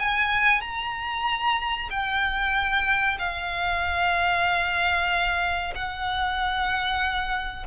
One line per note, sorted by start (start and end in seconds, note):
0.00 0.62 G#5
0.62 1.89 A#5
1.91 3.18 G5
3.19 5.74 F5
5.75 7.67 F#5